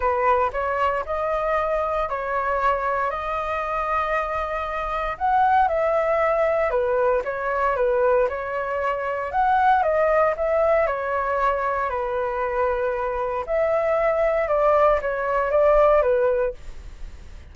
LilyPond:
\new Staff \with { instrumentName = "flute" } { \time 4/4 \tempo 4 = 116 b'4 cis''4 dis''2 | cis''2 dis''2~ | dis''2 fis''4 e''4~ | e''4 b'4 cis''4 b'4 |
cis''2 fis''4 dis''4 | e''4 cis''2 b'4~ | b'2 e''2 | d''4 cis''4 d''4 b'4 | }